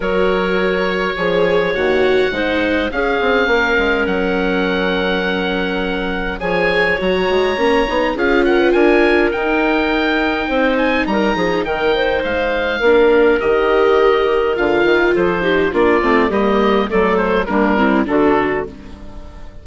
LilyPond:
<<
  \new Staff \with { instrumentName = "oboe" } { \time 4/4 \tempo 4 = 103 cis''2. fis''4~ | fis''4 f''2 fis''4~ | fis''2. gis''4 | ais''2 f''8 fis''8 gis''4 |
g''2~ g''8 gis''8 ais''4 | g''4 f''2 dis''4~ | dis''4 f''4 c''4 d''4 | dis''4 d''8 c''8 ais'4 a'4 | }
  \new Staff \with { instrumentName = "clarinet" } { \time 4/4 ais'2 cis''2 | c''4 gis'4 ais'2~ | ais'2. cis''4~ | cis''2 gis'8 ais'16 b'16 ais'4~ |
ais'2 c''4 ais'8 gis'8 | ais'8 c''4. ais'2~ | ais'2 a'8 g'8 f'4 | g'4 a'4 d'8 e'8 fis'4 | }
  \new Staff \with { instrumentName = "viola" } { \time 4/4 fis'2 gis'4 fis'4 | dis'4 cis'2.~ | cis'2. gis'4 | fis'4 cis'8 dis'8 f'2 |
dis'1~ | dis'2 d'4 g'4~ | g'4 f'4. dis'8 d'8 c'8 | ais4 a4 ais8 c'8 d'4 | }
  \new Staff \with { instrumentName = "bassoon" } { \time 4/4 fis2 f4 dis,4 | gis4 cis'8 c'8 ais8 gis8 fis4~ | fis2. f4 | fis8 gis8 ais8 b8 cis'4 d'4 |
dis'2 c'4 g8 f8 | dis4 gis4 ais4 dis4~ | dis4 d8 dis8 f4 ais8 a8 | g4 fis4 g4 d4 | }
>>